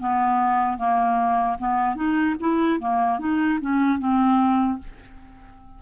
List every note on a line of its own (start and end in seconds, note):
0.00 0.77 B3
0.77 1.57 A#3
1.59 1.96 B3
1.96 2.36 D#4
2.40 2.80 E4
2.80 3.20 A#3
3.20 3.60 D#4
3.61 3.99 C#4
3.99 4.79 C4